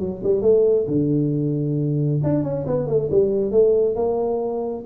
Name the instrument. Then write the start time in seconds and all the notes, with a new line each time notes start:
tuba
0.00 F#3
0.24 G3
0.42 A3
0.88 D3
2.24 D4
2.43 C#4
2.67 B3
2.87 A3
3.11 G3
3.52 A3
3.95 A#3